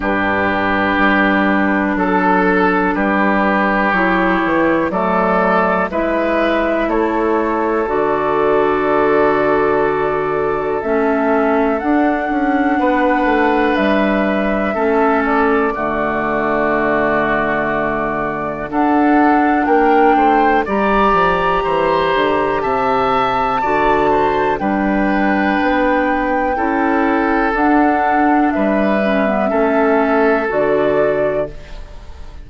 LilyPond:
<<
  \new Staff \with { instrumentName = "flute" } { \time 4/4 \tempo 4 = 61 b'2 a'4 b'4 | cis''4 d''4 e''4 cis''4 | d''2. e''4 | fis''2 e''4. d''8~ |
d''2. fis''4 | g''4 ais''2 a''4~ | a''4 g''2. | fis''4 e''2 d''4 | }
  \new Staff \with { instrumentName = "oboe" } { \time 4/4 g'2 a'4 g'4~ | g'4 a'4 b'4 a'4~ | a'1~ | a'4 b'2 a'4 |
fis'2. a'4 | ais'8 c''8 d''4 c''4 e''4 | d''8 c''8 b'2 a'4~ | a'4 b'4 a'2 | }
  \new Staff \with { instrumentName = "clarinet" } { \time 4/4 d'1 | e'4 a4 e'2 | fis'2. cis'4 | d'2. cis'4 |
a2. d'4~ | d'4 g'2. | fis'4 d'2 e'4 | d'4. cis'16 b16 cis'4 fis'4 | }
  \new Staff \with { instrumentName = "bassoon" } { \time 4/4 g,4 g4 fis4 g4 | fis8 e8 fis4 gis4 a4 | d2. a4 | d'8 cis'8 b8 a8 g4 a4 |
d2. d'4 | ais8 a8 g8 f8 e8 d8 c4 | d4 g4 b4 cis'4 | d'4 g4 a4 d4 | }
>>